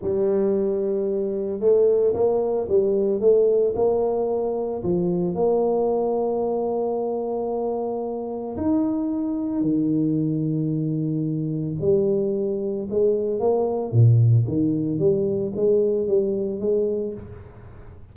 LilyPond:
\new Staff \with { instrumentName = "tuba" } { \time 4/4 \tempo 4 = 112 g2. a4 | ais4 g4 a4 ais4~ | ais4 f4 ais2~ | ais1 |
dis'2 dis2~ | dis2 g2 | gis4 ais4 ais,4 dis4 | g4 gis4 g4 gis4 | }